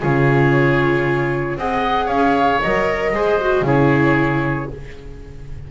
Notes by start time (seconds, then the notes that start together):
0.00 C#3 F4 G#4 C#5
1.57 C4 G#4 D#5 F#5
2.05 C#4 C#5 F5
2.61 F#3 A#4 D#5
3.13 G#3 G#4 C5
3.41 F#4
3.61 C#3 E4 G#4 C#5